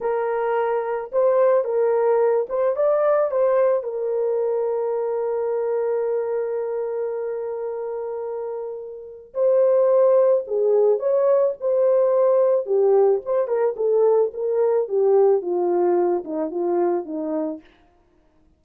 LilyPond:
\new Staff \with { instrumentName = "horn" } { \time 4/4 \tempo 4 = 109 ais'2 c''4 ais'4~ | ais'8 c''8 d''4 c''4 ais'4~ | ais'1~ | ais'1~ |
ais'4 c''2 gis'4 | cis''4 c''2 g'4 | c''8 ais'8 a'4 ais'4 g'4 | f'4. dis'8 f'4 dis'4 | }